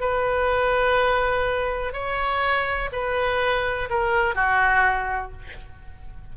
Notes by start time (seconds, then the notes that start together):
0.00 B4
1.93 C#5
2.92 B4
3.90 A#4
4.35 F#4